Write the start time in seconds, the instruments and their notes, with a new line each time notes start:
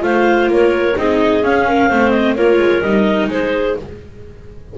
0.00 double bass A3, viola F4, clarinet C5 F5
0.48 double bass A#3, clarinet A#4 C#5
0.97 double bass C4, viola D#4, clarinet G#4 D#5
1.43 double bass C#4, viola C#4, clarinet F5
1.67 clarinet A#4
1.89 double bass A3, viola C4, clarinet C5
2.10 clarinet D#5
2.36 double bass A#3, viola F4, clarinet A#4 C#5
2.58 double bass G#3
2.82 double bass G3, viola D#4, clarinet D#5
3.29 double bass G#3, clarinet G#4 C5